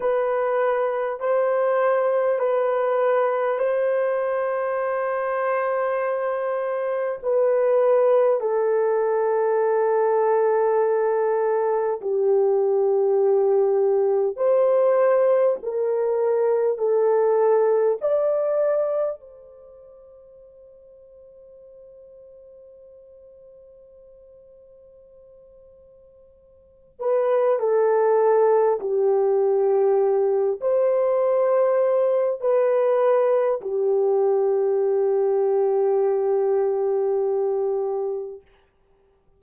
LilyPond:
\new Staff \with { instrumentName = "horn" } { \time 4/4 \tempo 4 = 50 b'4 c''4 b'4 c''4~ | c''2 b'4 a'4~ | a'2 g'2 | c''4 ais'4 a'4 d''4 |
c''1~ | c''2~ c''8 b'8 a'4 | g'4. c''4. b'4 | g'1 | }